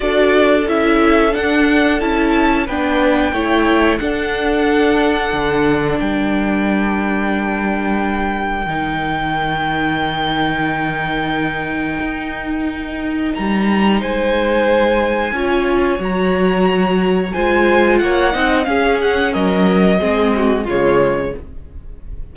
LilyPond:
<<
  \new Staff \with { instrumentName = "violin" } { \time 4/4 \tempo 4 = 90 d''4 e''4 fis''4 a''4 | g''2 fis''2~ | fis''4 g''2.~ | g''1~ |
g''1 | ais''4 gis''2. | ais''2 gis''4 fis''4 | f''8 fis''8 dis''2 cis''4 | }
  \new Staff \with { instrumentName = "violin" } { \time 4/4 a'1 | b'4 cis''4 a'2~ | a'4 ais'2.~ | ais'1~ |
ais'1~ | ais'4 c''2 cis''4~ | cis''2 c''4 cis''8 dis''8 | gis'4 ais'4 gis'8 fis'8 f'4 | }
  \new Staff \with { instrumentName = "viola" } { \time 4/4 fis'4 e'4 d'4 e'4 | d'4 e'4 d'2~ | d'1~ | d'4 dis'2.~ |
dis'1~ | dis'2. f'4 | fis'2 f'4. dis'8 | cis'2 c'4 gis4 | }
  \new Staff \with { instrumentName = "cello" } { \time 4/4 d'4 cis'4 d'4 cis'4 | b4 a4 d'2 | d4 g2.~ | g4 dis2.~ |
dis2 dis'2 | g4 gis2 cis'4 | fis2 gis4 ais8 c'8 | cis'4 fis4 gis4 cis4 | }
>>